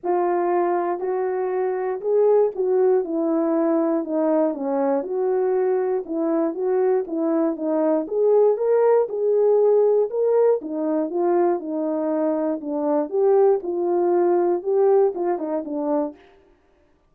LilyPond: \new Staff \with { instrumentName = "horn" } { \time 4/4 \tempo 4 = 119 f'2 fis'2 | gis'4 fis'4 e'2 | dis'4 cis'4 fis'2 | e'4 fis'4 e'4 dis'4 |
gis'4 ais'4 gis'2 | ais'4 dis'4 f'4 dis'4~ | dis'4 d'4 g'4 f'4~ | f'4 g'4 f'8 dis'8 d'4 | }